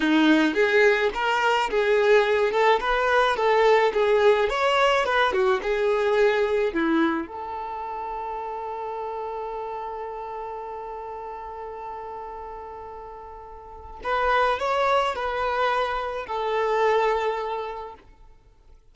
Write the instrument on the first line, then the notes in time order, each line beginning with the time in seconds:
violin
0.00 D#4
0.54 G#4
1.14 A#4
1.70 G#4
2.51 A4
2.80 B4
3.36 A4
3.93 G#4
4.49 C#5
5.05 B4
5.32 F#4
5.62 G#4
6.73 E4
7.27 A4
14.03 B4
14.59 C#5
15.15 B4
16.26 A4